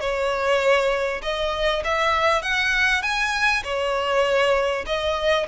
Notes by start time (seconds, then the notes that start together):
0.00 C#5
1.22 D#5
1.84 E5
2.42 F#5
3.02 G#5
3.64 C#5
4.86 D#5